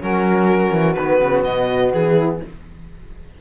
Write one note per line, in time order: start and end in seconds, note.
0.00 0.72 F#3
0.00 0.96 C#4
0.00 2.14 F#4
0.00 0.93 A#4
0.72 0.96 E3
0.93 1.21 D#3
0.93 2.41 B3
0.93 1.41 B4
1.21 1.44 C#3
1.44 1.92 B2
1.44 1.92 D#5
1.93 2.41 E3
1.93 2.41 G#4
2.16 2.40 E4